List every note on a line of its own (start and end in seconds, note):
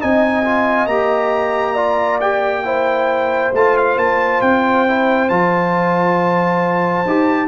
0.00 0.86 C4
0.00 0.44 D#4
0.00 1.74 D#5
0.00 0.87 G#5
0.44 0.89 F4
0.86 3.51 A#3
0.86 1.76 G4
0.86 2.19 A#5
1.74 2.21 F4
1.74 2.62 D5
2.20 2.65 G4
2.20 3.53 G5
2.65 3.53 E4
2.65 7.48 C5
3.53 3.97 A3
3.53 4.88 F4
3.53 3.77 A5
3.77 3.98 F5
3.97 4.41 A#3
3.97 4.42 A5
4.42 5.30 C4
4.42 5.29 G5
4.88 5.29 E4
5.29 7.06 F3
5.29 7.06 F4
5.29 7.48 A5
7.06 7.48 D#4
7.06 7.48 G4